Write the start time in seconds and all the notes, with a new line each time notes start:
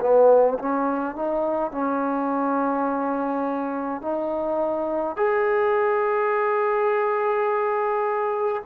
0.00 B3
0.59 C#4
1.15 D#4
1.72 C#4
4.01 D#4
5.16 G#4